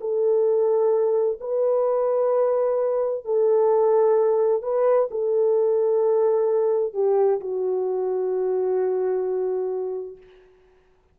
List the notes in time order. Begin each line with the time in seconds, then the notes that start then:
0.00 A4
1.40 B4
3.24 A4
4.62 B4
5.11 A4
6.93 G4
7.40 F#4